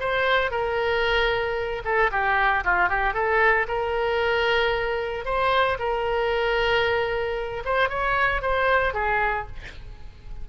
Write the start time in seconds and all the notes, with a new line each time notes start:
0.00 C5
0.51 A#4
1.85 A4
2.11 G4
2.64 F4
2.89 G4
3.14 A4
3.68 A#4
5.25 C5
5.79 A#4
7.65 C5
7.89 C#5
8.42 C5
8.94 G#4